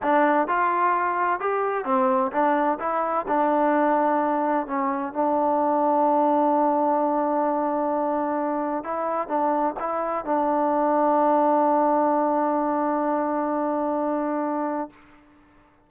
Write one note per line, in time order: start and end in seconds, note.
0.02 0.47 D4
0.47 1.40 F4
1.40 1.85 G4
1.85 2.31 C4
2.32 2.78 D4
2.79 3.26 E4
3.27 4.67 D4
4.67 5.13 C#4
5.13 8.84 D4
8.84 9.28 E4
9.28 9.74 D4
9.79 10.25 E4
10.25 14.90 D4